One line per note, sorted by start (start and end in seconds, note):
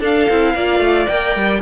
0.00 0.27 D4
0.00 0.29 D4
0.00 0.53 A4
0.00 1.08 F5
0.30 0.55 C4
0.30 0.57 E4
0.55 0.80 A#3
0.55 1.09 F4
0.55 1.62 D5
0.80 1.06 A3
1.08 1.36 A#3
1.08 1.62 A#4
1.08 1.61 G5
1.36 1.62 G3